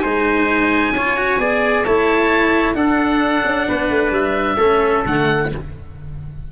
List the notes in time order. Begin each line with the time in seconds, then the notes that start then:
0.00 G#3 D#4 C5 G#5
0.93 C#4 F4 C#5
1.17 F#4
1.38 B3 G#4 D5
1.85 A3 E4 C#5 A5
2.75 D4 A4 F#5
3.45 C#4
3.68 B3 B4
3.90 A3
4.11 G3 E5
4.57 A3 C#4 A4
5.06 D3 A3 F#5